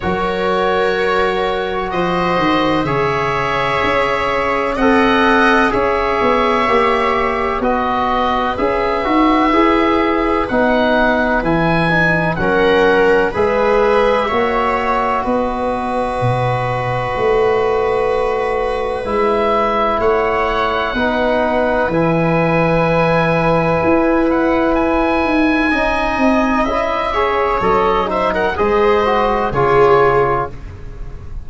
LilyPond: <<
  \new Staff \with { instrumentName = "oboe" } { \time 4/4 \tempo 4 = 63 cis''2 dis''4 e''4~ | e''4 fis''4 e''2 | dis''4 e''2 fis''4 | gis''4 fis''4 e''2 |
dis''1 | e''4 fis''2 gis''4~ | gis''4. fis''8 gis''2 | e''4 dis''8 e''16 fis''16 dis''4 cis''4 | }
  \new Staff \with { instrumentName = "viola" } { \time 4/4 ais'2 c''4 cis''4~ | cis''4 dis''4 cis''2 | b'1~ | b'4 ais'4 b'4 cis''4 |
b'1~ | b'4 cis''4 b'2~ | b'2. dis''4~ | dis''8 cis''4 c''16 ais'16 c''4 gis'4 | }
  \new Staff \with { instrumentName = "trombone" } { \time 4/4 fis'2. gis'4~ | gis'4 a'4 gis'4 g'4 | fis'4 gis'8 fis'8 gis'4 dis'4 | e'8 dis'8 cis'4 gis'4 fis'4~ |
fis'1 | e'2 dis'4 e'4~ | e'2. dis'4 | e'8 gis'8 a'8 dis'8 gis'8 fis'8 f'4 | }
  \new Staff \with { instrumentName = "tuba" } { \time 4/4 fis2 f8 dis8 cis4 | cis'4 c'4 cis'8 b8 ais4 | b4 cis'8 dis'8 e'4 b4 | e4 fis4 gis4 ais4 |
b4 b,4 a2 | gis4 a4 b4 e4~ | e4 e'4. dis'8 cis'8 c'8 | cis'4 fis4 gis4 cis4 | }
>>